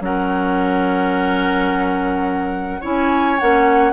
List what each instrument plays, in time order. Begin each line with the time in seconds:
0.00 bassoon F#3, clarinet C#4, oboe A#4, flute F#5
2.80 bassoon C#4, clarinet E4, oboe C#5, flute G#5
3.39 bassoon A#3, clarinet C#4, flute F#5